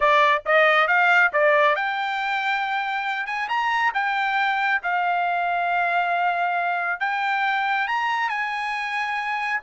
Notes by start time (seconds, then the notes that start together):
0.00 D5
0.45 D#5
0.87 F5
1.32 D5
1.75 G5
3.26 G#5
3.48 A#5
3.94 G5
4.82 F5
7.00 G5
7.87 A#5
8.29 G#5